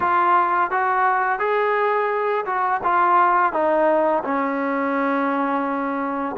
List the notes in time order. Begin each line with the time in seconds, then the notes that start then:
0.00 F4
0.71 F#4
1.39 G#4
2.45 F#4
2.83 F4
3.52 D#4
4.24 C#4